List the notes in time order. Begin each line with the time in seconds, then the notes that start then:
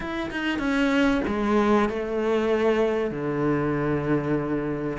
0.00 E4
0.31 D#4
0.58 C#4
1.27 G#3
1.89 A3
3.10 D3